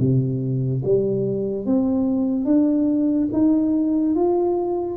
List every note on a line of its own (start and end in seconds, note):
0.00 0.83 C3
0.85 1.66 G3
1.66 2.45 C4
2.45 3.29 D4
3.33 4.16 D#4
4.16 4.98 F4